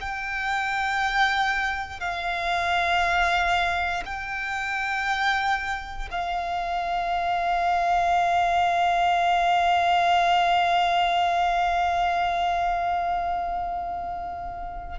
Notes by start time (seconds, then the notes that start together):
0.00 G5
1.99 F5
4.05 G5
6.10 F5